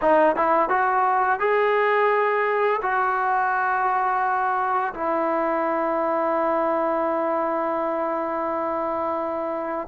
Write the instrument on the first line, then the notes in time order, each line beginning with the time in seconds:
trombone
0.01 D#4
0.36 E4
0.69 F#4
1.39 G#4
2.81 F#4
4.93 E4